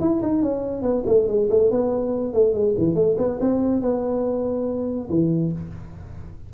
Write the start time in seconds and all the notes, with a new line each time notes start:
0.00 E4
0.22 D#4
0.42 C#4
0.82 B3
1.06 A3
1.27 G#3
1.50 A3
1.70 B3
2.33 A3
2.53 G#3
2.78 E3
2.95 A3
3.18 B3
3.40 C4
3.81 B3
5.09 E3